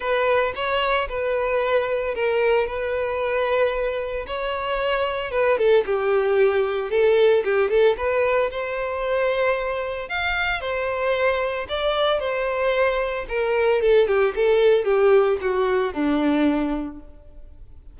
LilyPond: \new Staff \with { instrumentName = "violin" } { \time 4/4 \tempo 4 = 113 b'4 cis''4 b'2 | ais'4 b'2. | cis''2 b'8 a'8 g'4~ | g'4 a'4 g'8 a'8 b'4 |
c''2. f''4 | c''2 d''4 c''4~ | c''4 ais'4 a'8 g'8 a'4 | g'4 fis'4 d'2 | }